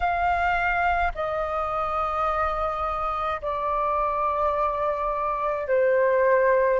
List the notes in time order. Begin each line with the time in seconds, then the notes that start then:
0.00 F5
1.14 D#5
3.41 D5
5.67 C5